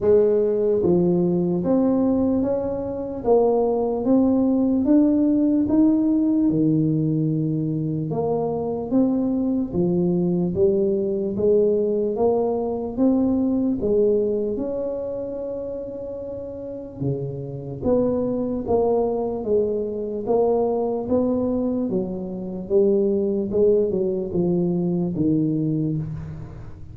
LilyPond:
\new Staff \with { instrumentName = "tuba" } { \time 4/4 \tempo 4 = 74 gis4 f4 c'4 cis'4 | ais4 c'4 d'4 dis'4 | dis2 ais4 c'4 | f4 g4 gis4 ais4 |
c'4 gis4 cis'2~ | cis'4 cis4 b4 ais4 | gis4 ais4 b4 fis4 | g4 gis8 fis8 f4 dis4 | }